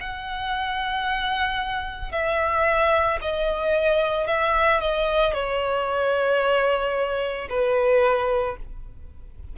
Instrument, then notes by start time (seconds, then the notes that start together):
violin
0.00 F#5
2.12 E5
3.21 D#5
4.27 E5
4.80 D#5
5.34 C#5
7.49 B4